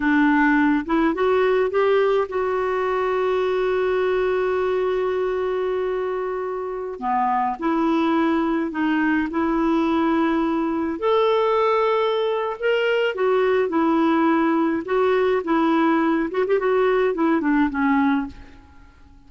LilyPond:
\new Staff \with { instrumentName = "clarinet" } { \time 4/4 \tempo 4 = 105 d'4. e'8 fis'4 g'4 | fis'1~ | fis'1~ | fis'16 b4 e'2 dis'8.~ |
dis'16 e'2. a'8.~ | a'2 ais'4 fis'4 | e'2 fis'4 e'4~ | e'8 fis'16 g'16 fis'4 e'8 d'8 cis'4 | }